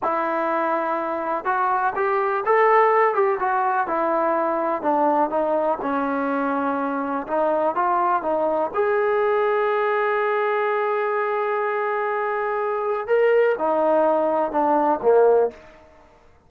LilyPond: \new Staff \with { instrumentName = "trombone" } { \time 4/4 \tempo 4 = 124 e'2. fis'4 | g'4 a'4. g'8 fis'4 | e'2 d'4 dis'4 | cis'2. dis'4 |
f'4 dis'4 gis'2~ | gis'1~ | gis'2. ais'4 | dis'2 d'4 ais4 | }